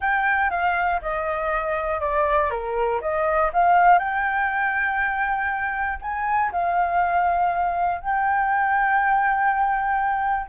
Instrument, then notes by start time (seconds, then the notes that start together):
flute
0.00 G5
0.50 F5
1.01 D#5
2.00 D5
2.50 A#4
3.01 D#5
3.53 F5
3.98 G5
6.01 G#5
6.52 F5
8.00 G5